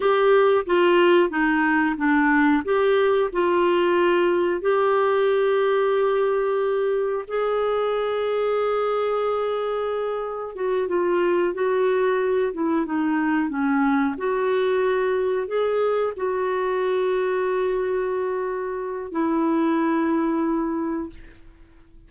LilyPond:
\new Staff \with { instrumentName = "clarinet" } { \time 4/4 \tempo 4 = 91 g'4 f'4 dis'4 d'4 | g'4 f'2 g'4~ | g'2. gis'4~ | gis'1 |
fis'8 f'4 fis'4. e'8 dis'8~ | dis'8 cis'4 fis'2 gis'8~ | gis'8 fis'2.~ fis'8~ | fis'4 e'2. | }